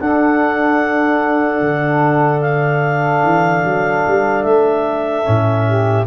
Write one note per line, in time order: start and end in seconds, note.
0.00 1.61 D4
0.00 5.25 D4
0.00 5.67 A4
0.00 2.42 F#5
1.61 3.23 D3
2.42 4.43 F5
3.23 3.64 E3
3.65 4.05 F#3
4.08 4.45 G3
4.43 5.26 A3
4.43 6.06 E5
5.25 6.07 A2
5.25 6.06 C#4
5.67 6.07 G4